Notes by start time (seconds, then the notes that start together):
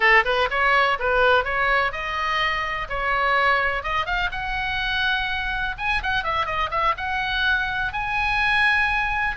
0.00 A4
0.24 B4
0.50 C#5
0.99 B4
1.44 C#5
1.92 D#5
2.89 C#5
3.83 D#5
4.05 F5
4.31 F#5
5.78 G#5
6.02 F#5
6.23 E5
6.46 D#5
6.71 E5
6.97 F#5
7.92 G#5